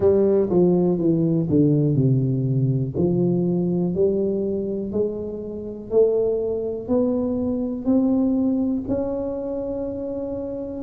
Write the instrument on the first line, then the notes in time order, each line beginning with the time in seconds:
tuba
0.00 G3
0.49 F3
0.98 E3
1.49 D3
1.94 C3
2.96 F3
3.94 G3
4.92 G#3
5.90 A3
6.88 B3
7.85 C4
8.87 C#4